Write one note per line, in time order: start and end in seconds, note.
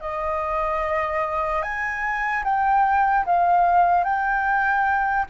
0.00 1.62 D#5
1.62 2.43 G#5
2.44 3.25 G5
3.25 4.04 F5
4.04 5.25 G5